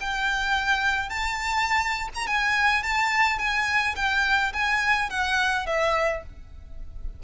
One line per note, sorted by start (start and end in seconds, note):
0.00 1.09 G5
1.09 2.08 A5
2.14 2.27 A#5
2.27 2.83 G#5
2.83 3.38 A5
3.38 3.95 G#5
3.96 4.53 G5
4.53 5.10 G#5
5.10 5.66 F#5
5.66 6.23 E5